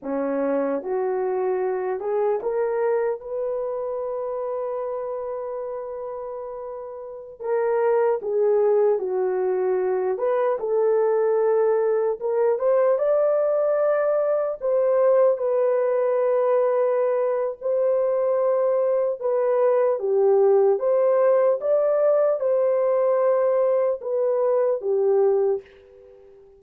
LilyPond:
\new Staff \with { instrumentName = "horn" } { \time 4/4 \tempo 4 = 75 cis'4 fis'4. gis'8 ais'4 | b'1~ | b'4~ b'16 ais'4 gis'4 fis'8.~ | fis'8. b'8 a'2 ais'8 c''16~ |
c''16 d''2 c''4 b'8.~ | b'2 c''2 | b'4 g'4 c''4 d''4 | c''2 b'4 g'4 | }